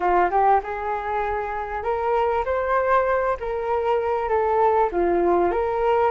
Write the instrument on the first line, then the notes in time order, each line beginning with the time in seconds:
flute
0.00 F4
0.30 G4
0.63 G#4
1.83 A#4
2.45 C5
3.40 A#4
4.28 A4
4.91 F4
5.51 A#4